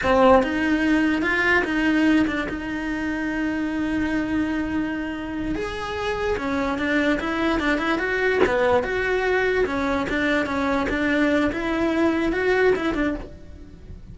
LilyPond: \new Staff \with { instrumentName = "cello" } { \time 4/4 \tempo 4 = 146 c'4 dis'2 f'4 | dis'4. d'8 dis'2~ | dis'1~ | dis'4. gis'2 cis'8~ |
cis'8 d'4 e'4 d'8 e'8 fis'8~ | fis'8 b4 fis'2 cis'8~ | cis'8 d'4 cis'4 d'4. | e'2 fis'4 e'8 d'8 | }